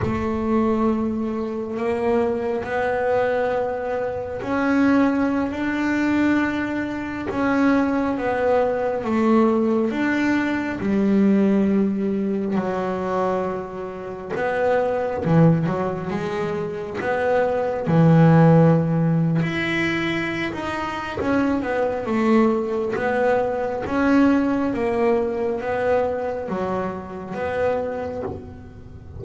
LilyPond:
\new Staff \with { instrumentName = "double bass" } { \time 4/4 \tempo 4 = 68 a2 ais4 b4~ | b4 cis'4~ cis'16 d'4.~ d'16~ | d'16 cis'4 b4 a4 d'8.~ | d'16 g2 fis4.~ fis16~ |
fis16 b4 e8 fis8 gis4 b8.~ | b16 e4.~ e16 e'4~ e'16 dis'8. | cis'8 b8 a4 b4 cis'4 | ais4 b4 fis4 b4 | }